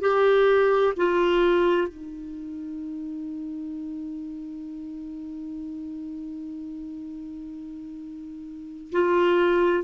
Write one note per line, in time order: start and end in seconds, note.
0.00 0.94 G4
0.97 1.88 F4
1.88 8.91 D#4
8.91 9.84 F4